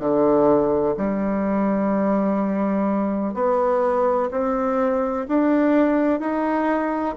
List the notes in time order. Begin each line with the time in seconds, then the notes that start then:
0.00 D3
0.97 G3
3.34 B3
4.31 C4
5.28 D4
6.20 D#4